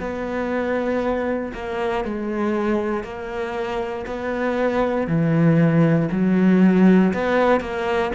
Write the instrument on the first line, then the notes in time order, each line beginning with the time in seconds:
cello
0.00 B3
1.53 A#3
2.04 G#3
3.04 A#3
4.06 B3
5.07 E3
6.12 F#3
7.13 B3
7.60 A#3